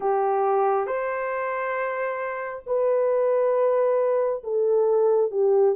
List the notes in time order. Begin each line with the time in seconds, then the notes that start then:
0.00 G4
0.86 C5
2.66 B4
4.43 A4
5.31 G4